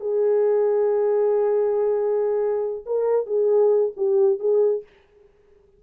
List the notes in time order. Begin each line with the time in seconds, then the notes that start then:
0.00 G#4
2.86 A#4
3.26 G#4
3.97 G4
4.39 G#4